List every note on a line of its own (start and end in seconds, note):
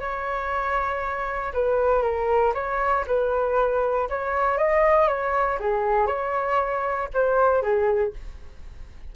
0.00 1.53 C#5
1.53 2.02 B4
2.02 2.53 A#4
2.54 3.05 C#5
3.07 4.09 B4
4.09 4.58 C#5
4.58 5.08 D#5
5.08 5.59 C#5
5.60 6.07 G#4
6.07 7.08 C#5
7.14 7.62 C5
7.62 8.13 G#4